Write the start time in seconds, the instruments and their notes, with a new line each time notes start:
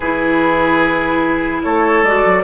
0.00 bassoon E3, clarinet E4, oboe G#4, flute B4
1.63 bassoon A3, oboe A4, flute C#5
2.02 bassoon G#3, clarinet F#4, flute D5
2.25 bassoon F#3